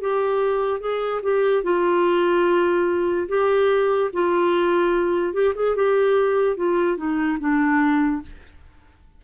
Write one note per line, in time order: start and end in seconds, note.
0.00 0.80 G4
0.80 1.21 G#4
1.23 1.63 G4
1.63 3.28 F4
3.28 4.10 G4
4.12 5.33 F4
5.33 5.54 G4
5.55 5.75 G#4
5.76 6.56 G4
6.56 6.96 F4
6.96 7.37 D#4
7.39 8.22 D4